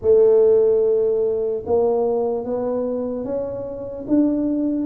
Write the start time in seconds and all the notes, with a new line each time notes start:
0.01 A3
1.66 A#3
2.44 B3
3.24 C#4
4.07 D4